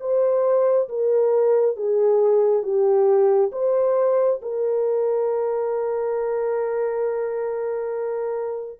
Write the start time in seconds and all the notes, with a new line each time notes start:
0.00 C5
0.89 A#4
1.76 G#4
2.63 G4
3.52 C5
4.42 A#4